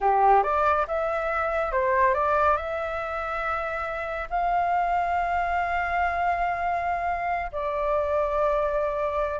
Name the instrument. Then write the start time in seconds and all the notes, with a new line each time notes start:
flute
0.01 G4
0.43 D5
0.87 E5
1.72 C5
2.14 D5
2.56 E5
4.30 F5
7.52 D5